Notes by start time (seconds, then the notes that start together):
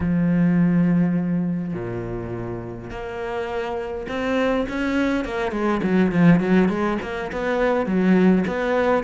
0.00 F3
1.73 A#2
2.90 A#3
4.08 C4
4.69 C#4
5.24 A#3
5.51 G#3
5.83 F#3
6.11 F3
6.40 F#3
6.68 G#3
7.02 A#3
7.32 B3
7.86 F#3
8.47 B3